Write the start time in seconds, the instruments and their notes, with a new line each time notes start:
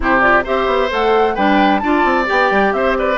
0.00 bassoon C3, clarinet E4, oboe G4, flute C5
0.20 clarinet F4, flute D5
0.44 bassoon C4, clarinet G4, oboe C5, flute E5
0.66 bassoon B3
0.89 bassoon A3, clarinet A4, flute F#5
1.35 bassoon G3, clarinet D4, oboe B4, flute G5
1.79 bassoon D4, clarinet F4, oboe D5, flute A5
2.04 bassoon C4
2.25 bassoon B3, clarinet G4, flute G5
2.50 bassoon G3
2.72 bassoon C4, oboe C5, flute E5
2.98 oboe B4, flute D5